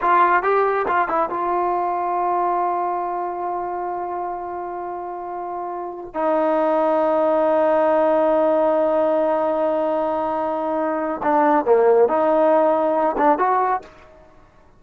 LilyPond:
\new Staff \with { instrumentName = "trombone" } { \time 4/4 \tempo 4 = 139 f'4 g'4 f'8 e'8 f'4~ | f'1~ | f'1~ | f'2~ f'16 dis'4.~ dis'16~ |
dis'1~ | dis'1~ | dis'2 d'4 ais4 | dis'2~ dis'8 d'8 fis'4 | }